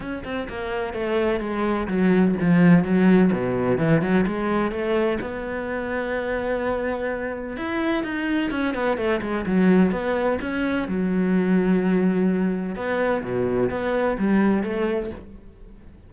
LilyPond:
\new Staff \with { instrumentName = "cello" } { \time 4/4 \tempo 4 = 127 cis'8 c'8 ais4 a4 gis4 | fis4 f4 fis4 b,4 | e8 fis8 gis4 a4 b4~ | b1 |
e'4 dis'4 cis'8 b8 a8 gis8 | fis4 b4 cis'4 fis4~ | fis2. b4 | b,4 b4 g4 a4 | }